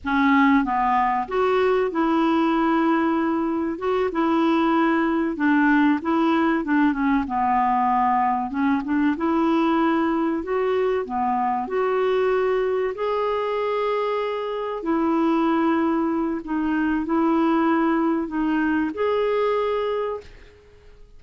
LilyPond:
\new Staff \with { instrumentName = "clarinet" } { \time 4/4 \tempo 4 = 95 cis'4 b4 fis'4 e'4~ | e'2 fis'8 e'4.~ | e'8 d'4 e'4 d'8 cis'8 b8~ | b4. cis'8 d'8 e'4.~ |
e'8 fis'4 b4 fis'4.~ | fis'8 gis'2. e'8~ | e'2 dis'4 e'4~ | e'4 dis'4 gis'2 | }